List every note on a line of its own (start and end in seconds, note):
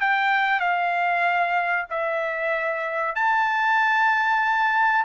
0.00 0.59 G5
0.59 1.86 F5
1.89 3.15 E5
3.15 5.04 A5